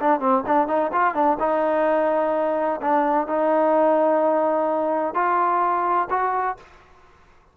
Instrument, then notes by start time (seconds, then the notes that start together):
trombone
0.00 D4
0.20 C4
0.46 D4
0.68 D#4
0.92 F4
1.14 D4
1.40 D#4
2.81 D4
3.27 D#4
5.15 F4
6.10 F#4